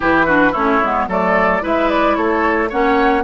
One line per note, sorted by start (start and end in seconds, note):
0.00 0.54 E3
0.00 0.26 E4
0.00 0.26 G4
0.00 0.53 B4
0.26 0.54 D4
0.26 0.51 F#4
0.51 0.81 A3
0.51 0.82 C#4
0.51 1.05 E4
0.51 1.07 C#5
0.82 1.07 G#3
0.82 1.09 B3
1.07 1.61 F#3
1.07 1.61 A3
1.07 1.62 A4
1.07 1.65 D5
1.61 2.16 G#3
1.61 2.69 E4
1.61 2.16 B4
1.61 1.89 E5
1.89 2.15 D5
2.15 2.70 A3
2.15 2.69 A4
2.15 2.69 C#5
2.69 3.23 A#3
2.69 3.23 C#4
2.69 3.23 C#5
2.69 3.23 F#5